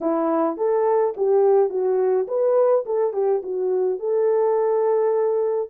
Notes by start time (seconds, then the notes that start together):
0.01 E4
0.57 A4
1.16 G4
1.69 F#4
2.27 B4
2.85 A4
3.13 G4
3.42 F#4
3.99 A4